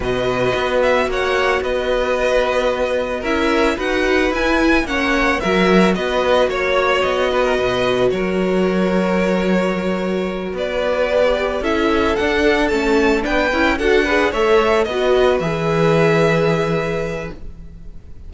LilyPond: <<
  \new Staff \with { instrumentName = "violin" } { \time 4/4 \tempo 4 = 111 dis''4. e''8 fis''4 dis''4~ | dis''2 e''4 fis''4 | gis''4 fis''4 e''4 dis''4 | cis''4 dis''2 cis''4~ |
cis''2.~ cis''8 d''8~ | d''4. e''4 fis''4 a''8~ | a''8 g''4 fis''4 e''4 dis''8~ | dis''8 e''2.~ e''8 | }
  \new Staff \with { instrumentName = "violin" } { \time 4/4 b'2 cis''4 b'4~ | b'2 ais'4 b'4~ | b'4 cis''4 ais'4 b'4 | cis''4. b'16 ais'16 b'4 ais'4~ |
ais'2.~ ais'8 b'8~ | b'4. a'2~ a'8~ | a'8 b'4 a'8 b'8 cis''4 b'8~ | b'1 | }
  \new Staff \with { instrumentName = "viola" } { \time 4/4 fis'1~ | fis'2 e'4 fis'4 | e'4 cis'4 fis'2~ | fis'1~ |
fis'1~ | fis'8 g'4 e'4 d'4 cis'8~ | cis'8 d'8 e'8 fis'8 gis'8 a'4 fis'8~ | fis'8 gis'2.~ gis'8 | }
  \new Staff \with { instrumentName = "cello" } { \time 4/4 b,4 b4 ais4 b4~ | b2 cis'4 dis'4 | e'4 ais4 fis4 b4 | ais4 b4 b,4 fis4~ |
fis2.~ fis8 b8~ | b4. cis'4 d'4 a8~ | a8 b8 cis'8 d'4 a4 b8~ | b8 e2.~ e8 | }
>>